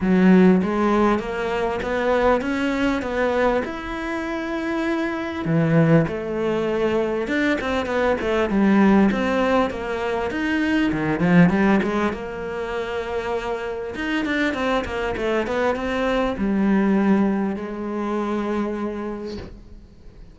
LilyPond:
\new Staff \with { instrumentName = "cello" } { \time 4/4 \tempo 4 = 99 fis4 gis4 ais4 b4 | cis'4 b4 e'2~ | e'4 e4 a2 | d'8 c'8 b8 a8 g4 c'4 |
ais4 dis'4 dis8 f8 g8 gis8 | ais2. dis'8 d'8 | c'8 ais8 a8 b8 c'4 g4~ | g4 gis2. | }